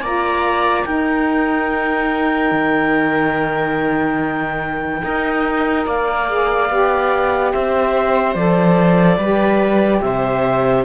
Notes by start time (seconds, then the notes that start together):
0.00 A#3 F4 D5 A#5
0.84 D#4 A#4 G5
2.51 D#3
5.02 D#4 A#4 D#5
5.86 A#3 D5 F5
6.27 G#4
6.69 B3 G4
7.52 C4 C5 E5
8.34 F3 A4 D5
9.16 G3 G4 B4
10.01 C3 C5 E5